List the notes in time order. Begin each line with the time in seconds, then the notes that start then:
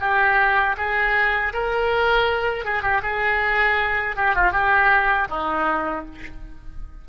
0.00 G4
0.77 G#4
1.53 A#4
2.65 G#4
2.82 G4
3.02 G#4
4.16 G4
4.35 F4
4.52 G4
5.29 D#4